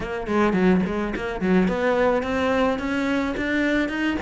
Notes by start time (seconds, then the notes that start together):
0.00 A#3
0.27 G#3
0.53 F#3
0.86 G#3
1.15 A#3
1.40 F#3
1.68 B3
2.22 C4
2.79 C#4
3.36 D4
3.88 D#4